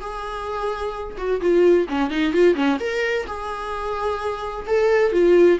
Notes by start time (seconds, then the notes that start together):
0.00 G#4
1.17 F#4
1.40 F4
1.88 C#4
2.10 D#4
2.33 F4
2.55 C#4
2.79 A#4
3.26 G#4
4.67 A4
5.12 F4